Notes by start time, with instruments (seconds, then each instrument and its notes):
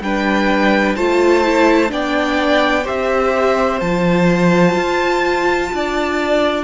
0.00 cello G3, viola D4, violin B4 G5
0.96 cello A3, viola F4, violin C5 A5
1.44 viola E4
1.88 cello B3, viola D4, violin D5 G5
2.83 cello C4, viola G4, violin C5 E5
3.80 cello F3, viola F4, violin A5
4.75 cello F4
5.73 cello D4, violin D5